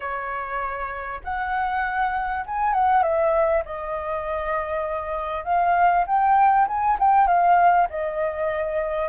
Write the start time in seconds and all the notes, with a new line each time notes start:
0.00 C#5
1.24 F#5
2.45 G#5
2.73 F#5
3.02 E5
3.65 D#5
5.44 F5
6.06 G5
6.67 G#5
6.99 G5
7.27 F5
7.90 D#5